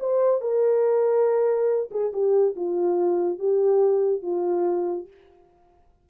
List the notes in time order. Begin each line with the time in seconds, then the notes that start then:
0.00 C5
0.41 A#4
1.91 G#4
2.13 G4
2.56 F4
3.39 G4
4.22 F4